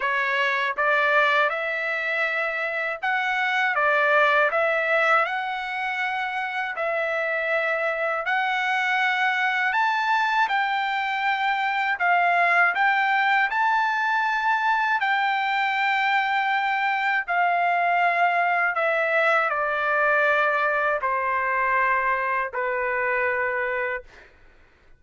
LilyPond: \new Staff \with { instrumentName = "trumpet" } { \time 4/4 \tempo 4 = 80 cis''4 d''4 e''2 | fis''4 d''4 e''4 fis''4~ | fis''4 e''2 fis''4~ | fis''4 a''4 g''2 |
f''4 g''4 a''2 | g''2. f''4~ | f''4 e''4 d''2 | c''2 b'2 | }